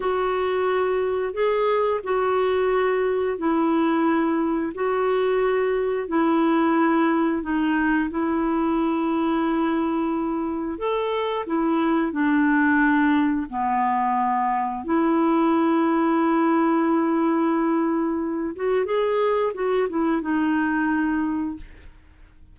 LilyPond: \new Staff \with { instrumentName = "clarinet" } { \time 4/4 \tempo 4 = 89 fis'2 gis'4 fis'4~ | fis'4 e'2 fis'4~ | fis'4 e'2 dis'4 | e'1 |
a'4 e'4 d'2 | b2 e'2~ | e'2.~ e'8 fis'8 | gis'4 fis'8 e'8 dis'2 | }